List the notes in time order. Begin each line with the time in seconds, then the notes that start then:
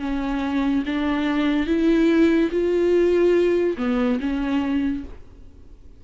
0.00 C#4
0.86 D4
1.67 E4
2.52 F4
3.78 B3
4.20 C#4